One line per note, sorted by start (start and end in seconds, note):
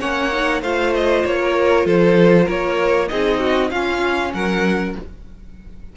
0.00 0.62 A#3
0.00 0.31 C#4
0.00 0.61 C#5
0.00 0.62 F#5
0.32 0.63 D#4
0.61 1.24 A3
0.61 3.09 F4
0.61 1.39 C5
0.61 0.94 F5
0.95 1.26 D#5
1.25 1.86 A#3
1.25 1.87 C#5
1.41 1.86 A#4
1.86 2.48 F3
1.86 2.45 A4
1.86 2.49 C5
2.45 3.11 A#3
2.45 3.07 A#4
2.45 3.09 C#5
3.09 3.71 C4
3.09 3.71 D#4
3.09 3.40 G#4
3.09 3.70 D#5
3.40 3.71 F#4
3.70 4.33 C#4
3.70 4.96 C#4
3.70 4.33 F4
3.70 4.32 F5
4.33 4.95 F#3
4.33 4.97 A#4
4.33 4.96 F#5